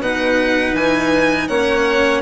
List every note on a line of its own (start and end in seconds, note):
0.00 0.74 B2
0.00 1.49 D#4
0.00 1.48 B4
0.00 0.75 F#5
0.74 1.48 E3
0.74 1.48 G#5
1.48 2.23 A#3
1.48 2.23 C#4
1.48 2.23 C#5
1.48 2.22 F#5